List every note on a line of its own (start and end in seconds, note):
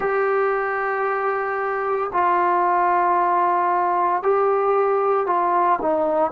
0.00 2.11 G4
2.12 4.22 F4
4.22 5.26 G4
5.26 5.79 F4
5.81 6.31 D#4